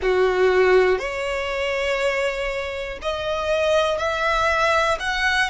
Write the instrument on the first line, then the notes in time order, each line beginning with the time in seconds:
violin
0.01 F#4
0.99 C#5
3.01 D#5
3.98 E5
5.00 F#5